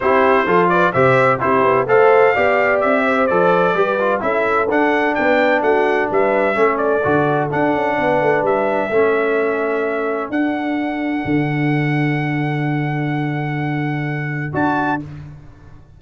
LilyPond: <<
  \new Staff \with { instrumentName = "trumpet" } { \time 4/4 \tempo 4 = 128 c''4. d''8 e''4 c''4 | f''2 e''4 d''4~ | d''4 e''4 fis''4 g''4 | fis''4 e''4. d''4. |
fis''2 e''2~ | e''2 fis''2~ | fis''1~ | fis''2. a''4 | }
  \new Staff \with { instrumentName = "horn" } { \time 4/4 g'4 a'8 b'8 c''4 g'4 | c''4 d''4. c''4. | b'4 a'2 b'4 | fis'4 b'4 a'2~ |
a'4 b'2 a'4~ | a'1~ | a'1~ | a'1 | }
  \new Staff \with { instrumentName = "trombone" } { \time 4/4 e'4 f'4 g'4 e'4 | a'4 g'2 a'4 | g'8 f'8 e'4 d'2~ | d'2 cis'4 fis'4 |
d'2. cis'4~ | cis'2 d'2~ | d'1~ | d'2. fis'4 | }
  \new Staff \with { instrumentName = "tuba" } { \time 4/4 c'4 f4 c4 c'8 b8 | a4 b4 c'4 f4 | g4 cis'4 d'4 b4 | a4 g4 a4 d4 |
d'8 cis'8 b8 a8 g4 a4~ | a2 d'2 | d1~ | d2. d'4 | }
>>